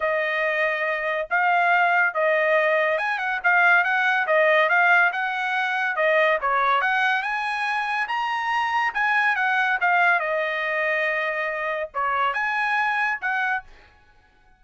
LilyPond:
\new Staff \with { instrumentName = "trumpet" } { \time 4/4 \tempo 4 = 141 dis''2. f''4~ | f''4 dis''2 gis''8 fis''8 | f''4 fis''4 dis''4 f''4 | fis''2 dis''4 cis''4 |
fis''4 gis''2 ais''4~ | ais''4 gis''4 fis''4 f''4 | dis''1 | cis''4 gis''2 fis''4 | }